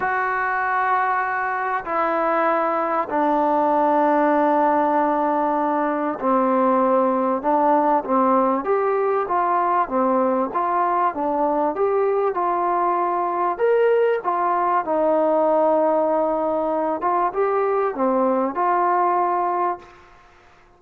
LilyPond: \new Staff \with { instrumentName = "trombone" } { \time 4/4 \tempo 4 = 97 fis'2. e'4~ | e'4 d'2.~ | d'2 c'2 | d'4 c'4 g'4 f'4 |
c'4 f'4 d'4 g'4 | f'2 ais'4 f'4 | dis'2.~ dis'8 f'8 | g'4 c'4 f'2 | }